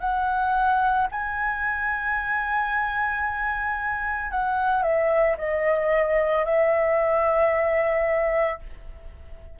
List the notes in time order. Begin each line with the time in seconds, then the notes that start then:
0.00 F#5
1.11 G#5
4.31 F#5
4.83 E5
5.38 D#5
6.45 E5